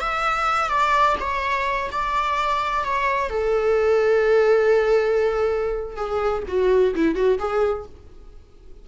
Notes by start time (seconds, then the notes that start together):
0.00 E5
0.68 D5
1.20 C#5
1.91 D5
2.83 C#5
3.29 A4
5.96 G#4
6.47 F#4
6.94 E4
7.15 F#4
7.38 G#4